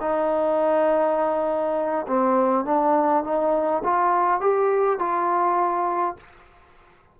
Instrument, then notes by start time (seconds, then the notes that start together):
trombone
0.00 D#4
2.07 C4
2.65 D4
3.24 D#4
3.84 F4
4.40 G4
4.99 F4